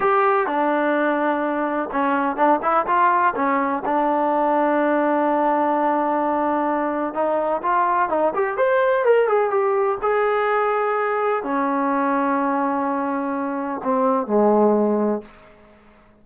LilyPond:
\new Staff \with { instrumentName = "trombone" } { \time 4/4 \tempo 4 = 126 g'4 d'2. | cis'4 d'8 e'8 f'4 cis'4 | d'1~ | d'2. dis'4 |
f'4 dis'8 g'8 c''4 ais'8 gis'8 | g'4 gis'2. | cis'1~ | cis'4 c'4 gis2 | }